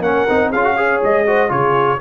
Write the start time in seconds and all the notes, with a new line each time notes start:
0.00 A#3 C#4 A#4 F#5
0.29 C4 D#4
0.50 C#4 F4 G#4 F5
0.64 F#4
0.77 G#4 C#5
1.03 G#3 D#5
1.27 F#4 C5
1.49 C#3 F4 G#4 C#5